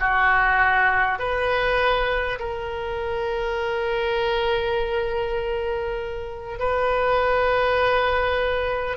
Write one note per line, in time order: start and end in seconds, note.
0.00 1.19 F#4
1.19 2.39 B4
2.39 6.59 A#4
6.60 8.97 B4